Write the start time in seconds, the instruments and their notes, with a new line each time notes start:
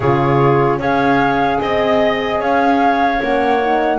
0.00 double bass C#3, horn F4, clarinet G#4, flute C#5
0.78 double bass C#4, horn G#4, clarinet C#5, flute F5
1.60 double bass C4, clarinet D#5, flute D#5
2.39 double bass C#4, clarinet C#5, flute F5
3.20 double bass A#3, horn C#4, flute F#5
3.61 horn D#4